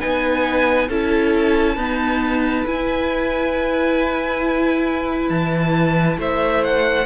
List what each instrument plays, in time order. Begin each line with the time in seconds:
0.00 cello B3, viola D#4, violin B4 G#5
0.88 cello C#4, viola E4, violin A4 A5
1.76 viola B3, cello D#4, violin B4
2.66 cello E4, viola E4, violin G#5
5.29 cello E3, violin A5
6.18 cello A3, violin C5 E5
6.64 violin F#5